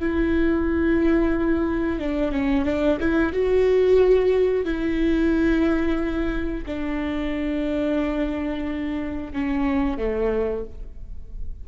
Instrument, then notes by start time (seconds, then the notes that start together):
viola
0.00 E4
1.99 D4
2.32 C#4
2.66 D4
3.00 E4
3.33 F#4
4.65 E4
6.66 D4
9.33 C#4
9.98 A3